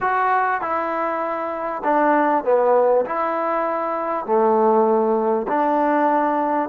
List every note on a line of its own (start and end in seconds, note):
0.00 0.61 F#4
0.61 1.82 E4
1.83 2.44 D4
2.44 3.05 B3
3.05 4.25 E4
4.25 5.47 A3
5.48 6.69 D4